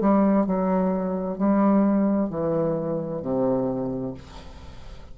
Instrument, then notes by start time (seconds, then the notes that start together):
bassoon
0.00 G3
0.46 F#3
1.38 G3
2.29 E3
3.21 C3